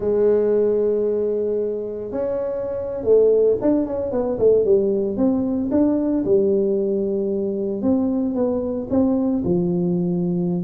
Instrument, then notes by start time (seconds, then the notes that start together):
tuba
0.00 G#3
2.11 C#4
3.03 A3
3.61 D4
3.85 C#4
4.11 B3
4.38 A3
4.64 G3
5.16 C4
5.71 D4
6.24 G3
7.81 C4
8.34 B3
8.90 C4
9.44 F3